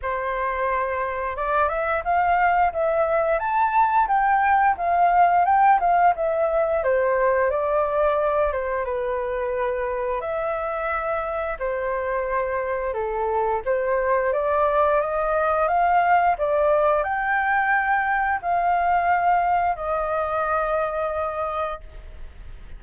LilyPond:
\new Staff \with { instrumentName = "flute" } { \time 4/4 \tempo 4 = 88 c''2 d''8 e''8 f''4 | e''4 a''4 g''4 f''4 | g''8 f''8 e''4 c''4 d''4~ | d''8 c''8 b'2 e''4~ |
e''4 c''2 a'4 | c''4 d''4 dis''4 f''4 | d''4 g''2 f''4~ | f''4 dis''2. | }